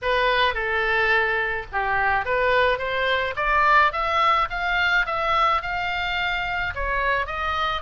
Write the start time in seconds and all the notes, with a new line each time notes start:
0.02 B4
0.54 A4
1.72 G4
2.25 B4
2.78 C5
3.36 D5
3.92 E5
4.50 F5
5.06 E5
5.62 F5
6.74 C#5
7.26 D#5